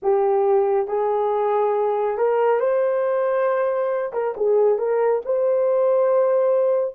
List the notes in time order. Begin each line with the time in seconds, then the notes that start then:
0.02 G4
0.87 G#4
2.17 A#4
2.60 C5
4.12 A#4
4.36 G#4
4.78 A#4
5.25 C5